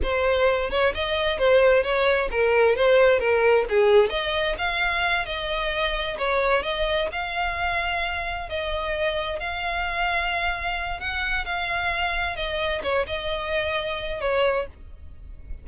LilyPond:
\new Staff \with { instrumentName = "violin" } { \time 4/4 \tempo 4 = 131 c''4. cis''8 dis''4 c''4 | cis''4 ais'4 c''4 ais'4 | gis'4 dis''4 f''4. dis''8~ | dis''4. cis''4 dis''4 f''8~ |
f''2~ f''8 dis''4.~ | dis''8 f''2.~ f''8 | fis''4 f''2 dis''4 | cis''8 dis''2~ dis''8 cis''4 | }